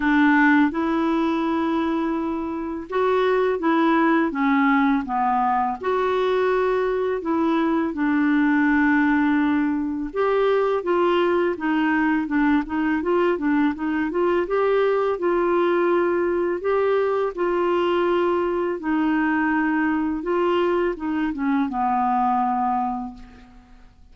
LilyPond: \new Staff \with { instrumentName = "clarinet" } { \time 4/4 \tempo 4 = 83 d'4 e'2. | fis'4 e'4 cis'4 b4 | fis'2 e'4 d'4~ | d'2 g'4 f'4 |
dis'4 d'8 dis'8 f'8 d'8 dis'8 f'8 | g'4 f'2 g'4 | f'2 dis'2 | f'4 dis'8 cis'8 b2 | }